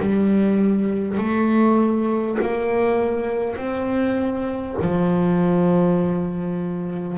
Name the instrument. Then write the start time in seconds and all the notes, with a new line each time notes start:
double bass
0.00 G3
1.19 A3
2.42 A#3
3.57 C4
4.82 F3